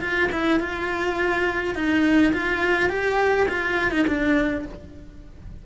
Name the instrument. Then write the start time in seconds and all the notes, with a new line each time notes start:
cello
0.00 F4
0.31 E4
0.59 F4
1.74 D#4
2.33 F4
2.89 G4
3.48 F4
3.90 D#4
4.07 D4